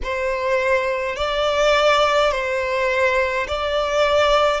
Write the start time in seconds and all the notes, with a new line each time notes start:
0.03 C5
1.15 D5
2.31 C5
3.47 D5